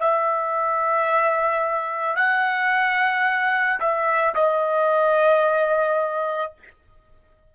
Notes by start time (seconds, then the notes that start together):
0.00 E5
2.16 F#5
3.80 E5
4.35 D#5